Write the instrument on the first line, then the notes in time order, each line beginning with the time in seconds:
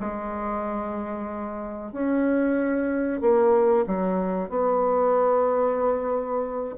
bassoon
0.00 G#3
1.92 C#4
3.21 A#3
3.87 F#3
4.49 B3